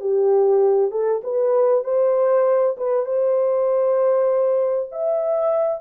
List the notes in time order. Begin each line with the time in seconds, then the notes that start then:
0.00 G4
0.91 A4
1.24 B4
1.84 C5
2.77 B4
3.05 C5
4.91 E5